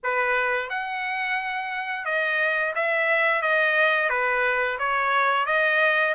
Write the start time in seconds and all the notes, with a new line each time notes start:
0.03 B4
0.69 F#5
2.05 D#5
2.75 E5
3.42 D#5
4.09 B4
4.79 C#5
5.46 D#5